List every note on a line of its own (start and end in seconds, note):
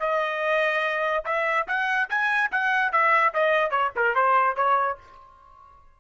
0.00 1.24 D#5
1.25 1.67 E5
1.68 2.09 F#5
2.10 2.51 G#5
2.51 2.92 F#5
2.92 3.34 E5
3.34 3.71 D#5
3.71 3.91 C#5
3.96 4.15 A#4
4.15 4.56 C5
4.56 4.98 C#5